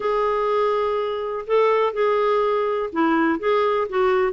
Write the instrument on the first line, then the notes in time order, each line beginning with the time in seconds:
clarinet
0.00 G#4
1.46 A4
1.93 G#4
2.92 E4
3.39 G#4
3.89 F#4